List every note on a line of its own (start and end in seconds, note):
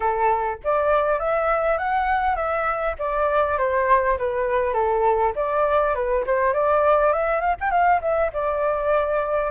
0.00 0.58 A4
0.64 1.19 D5
1.19 1.78 E5
1.78 2.36 F#5
2.36 2.95 E5
2.98 3.58 D5
3.58 4.17 C5
4.17 4.73 B4
4.73 5.33 A4
5.35 5.94 D5
5.94 6.24 B4
6.26 6.53 C5
6.53 7.12 D5
7.12 7.40 E5
7.40 7.55 F5
7.60 7.70 G5
7.70 8.00 F5
8.01 8.30 E5
8.33 9.50 D5